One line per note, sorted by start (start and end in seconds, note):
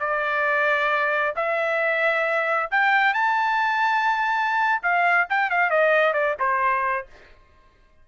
0.00 1.34 D5
1.36 2.70 E5
2.71 3.14 G5
3.14 4.82 A5
4.83 5.28 F5
5.30 5.51 G5
5.51 5.70 F5
5.70 6.14 D#5
6.14 6.36 D5
6.40 7.07 C5